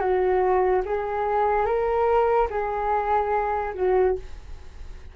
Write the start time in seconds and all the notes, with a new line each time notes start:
0.00 F#4
0.86 G#4
1.66 A#4
2.50 G#4
3.75 F#4